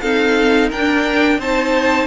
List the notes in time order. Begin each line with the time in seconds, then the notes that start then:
0.00 C4 D#4 A4 F5
0.69 D4 A#4 G5
1.38 C4 D#4 C5 A5